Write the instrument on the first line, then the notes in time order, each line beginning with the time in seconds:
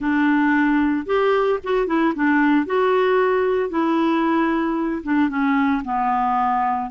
clarinet
0.00 D4
1.06 G4
1.63 F#4
1.87 E4
2.15 D4
2.66 F#4
3.69 E4
5.03 D4
5.29 C#4
5.84 B3